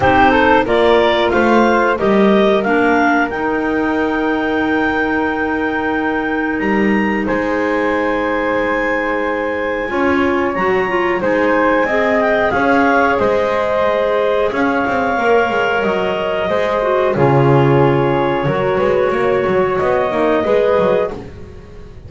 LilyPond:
<<
  \new Staff \with { instrumentName = "clarinet" } { \time 4/4 \tempo 4 = 91 c''4 d''4 f''4 dis''4 | f''4 g''2.~ | g''2 ais''4 gis''4~ | gis''1 |
ais''4 gis''4. g''8 f''4 | dis''2 f''2 | dis''2 cis''2~ | cis''2 dis''2 | }
  \new Staff \with { instrumentName = "flute" } { \time 4/4 g'8 a'8 ais'4 c''4 ais'4~ | ais'1~ | ais'2. c''4~ | c''2. cis''4~ |
cis''4 c''4 dis''4 cis''4 | c''2 cis''2~ | cis''4 c''4 gis'2 | ais'8 b'8 cis''2 b'4 | }
  \new Staff \with { instrumentName = "clarinet" } { \time 4/4 dis'4 f'2 g'4 | d'4 dis'2.~ | dis'1~ | dis'2. f'4 |
fis'8 f'8 dis'4 gis'2~ | gis'2. ais'4~ | ais'4 gis'8 fis'8 f'2 | fis'2~ fis'8 dis'8 gis'4 | }
  \new Staff \with { instrumentName = "double bass" } { \time 4/4 c'4 ais4 a4 g4 | ais4 dis'2.~ | dis'2 g4 gis4~ | gis2. cis'4 |
fis4 gis4 c'4 cis'4 | gis2 cis'8 c'8 ais8 gis8 | fis4 gis4 cis2 | fis8 gis8 ais8 fis8 b8 ais8 gis8 fis8 | }
>>